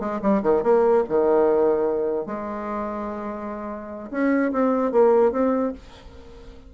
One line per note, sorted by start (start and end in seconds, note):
0.00 0.20 G#3
0.22 0.43 G3
0.43 0.63 D#3
0.63 1.04 A#3
1.09 2.27 D#3
2.27 4.10 G#3
4.11 4.52 C#4
4.53 4.92 C4
4.92 5.32 A#3
5.32 5.73 C4